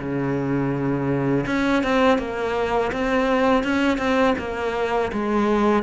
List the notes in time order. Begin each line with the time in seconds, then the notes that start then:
0.00 C#3
1.47 C#4
1.84 C4
2.19 A#3
2.93 C4
3.64 C#4
3.98 C4
4.39 A#3
5.13 G#3